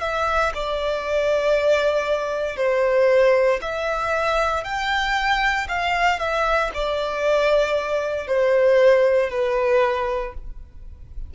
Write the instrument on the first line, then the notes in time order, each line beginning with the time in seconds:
violin
0.00 E5
0.54 D5
2.56 C5
3.61 E5
4.64 G5
5.68 F5
6.19 E5
6.74 D5
8.27 C5
9.30 B4